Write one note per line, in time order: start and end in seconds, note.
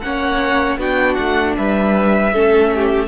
0.00 0.78 A#3
0.00 0.78 C#4
0.00 0.79 C#5
0.00 0.77 F#5
0.78 1.16 B3
0.78 2.32 D4
0.78 1.56 F#4
0.78 1.14 G5
1.14 1.57 A3
1.14 1.53 F#5
1.57 2.33 G3
1.57 2.33 B4
1.57 3.07 E5
2.33 3.07 A3
2.33 3.07 C#4
2.33 2.72 A4
2.75 3.07 G4